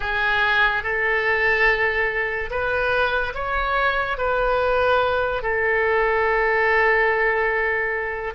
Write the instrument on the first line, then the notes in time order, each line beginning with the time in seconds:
oboe
0.00 G#4
0.83 A4
2.50 B4
3.34 C#5
4.17 B4
5.42 A4